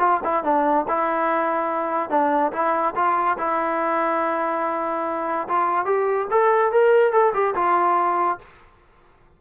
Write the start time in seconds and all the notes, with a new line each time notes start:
0.00 F4
0.24 E4
0.44 D4
0.89 E4
2.10 D4
2.53 E4
2.96 F4
3.38 E4
5.49 F4
5.86 G4
6.31 A4
6.72 A#4
7.13 A4
7.34 G4
7.55 F4